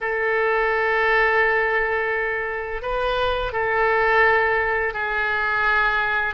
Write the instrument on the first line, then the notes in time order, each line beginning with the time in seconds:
oboe
0.01 A4
2.81 B4
3.52 A4
4.93 G#4